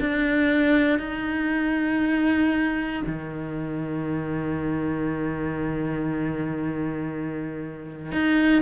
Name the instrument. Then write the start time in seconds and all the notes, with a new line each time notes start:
cello
0.00 D4
0.99 D#4
3.06 D#3
8.12 D#4